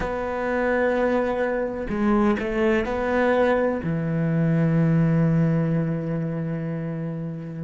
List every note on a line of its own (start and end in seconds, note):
0.00 1.87 B3
1.89 2.37 G#3
2.39 2.85 A3
2.85 3.81 B3
3.84 7.63 E3